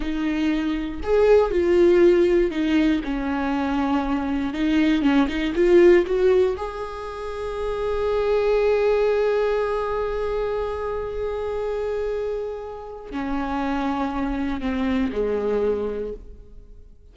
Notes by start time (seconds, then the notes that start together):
0.00 D#4
1.03 G#4
1.51 F4
2.50 D#4
3.04 C#4
4.53 D#4
5.02 C#4
5.28 D#4
5.55 F4
6.05 F#4
6.56 G#4
13.11 C#4
14.61 C4
15.12 G#3